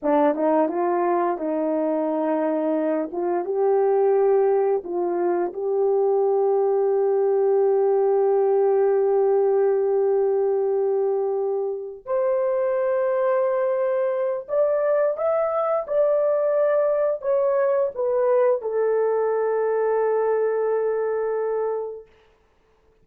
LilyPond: \new Staff \with { instrumentName = "horn" } { \time 4/4 \tempo 4 = 87 d'8 dis'8 f'4 dis'2~ | dis'8 f'8 g'2 f'4 | g'1~ | g'1~ |
g'4. c''2~ c''8~ | c''4 d''4 e''4 d''4~ | d''4 cis''4 b'4 a'4~ | a'1 | }